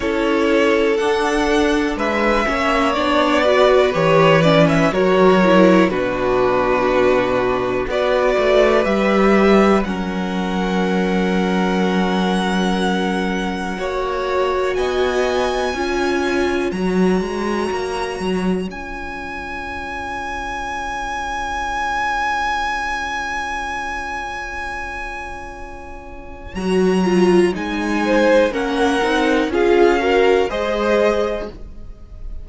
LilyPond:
<<
  \new Staff \with { instrumentName = "violin" } { \time 4/4 \tempo 4 = 61 cis''4 fis''4 e''4 d''4 | cis''8 d''16 e''16 cis''4 b'2 | d''4 e''4 fis''2~ | fis''2. gis''4~ |
gis''4 ais''2 gis''4~ | gis''1~ | gis''2. ais''4 | gis''4 fis''4 f''4 dis''4 | }
  \new Staff \with { instrumentName = "violin" } { \time 4/4 a'2 b'8 cis''4 b'8~ | b'4 ais'4 fis'2 | b'2 ais'2~ | ais'2 cis''4 dis''4 |
cis''1~ | cis''1~ | cis''1~ | cis''8 c''8 ais'4 gis'8 ais'8 c''4 | }
  \new Staff \with { instrumentName = "viola" } { \time 4/4 e'4 d'4. cis'8 d'8 fis'8 | g'8 cis'8 fis'8 e'8 d'2 | fis'4 g'4 cis'2~ | cis'2 fis'2 |
f'4 fis'2 f'4~ | f'1~ | f'2. fis'8 f'8 | dis'4 cis'8 dis'8 f'8 fis'8 gis'4 | }
  \new Staff \with { instrumentName = "cello" } { \time 4/4 cis'4 d'4 gis8 ais8 b4 | e4 fis4 b,2 | b8 a8 g4 fis2~ | fis2 ais4 b4 |
cis'4 fis8 gis8 ais8 fis8 cis'4~ | cis'1~ | cis'2. fis4 | gis4 ais8 c'8 cis'4 gis4 | }
>>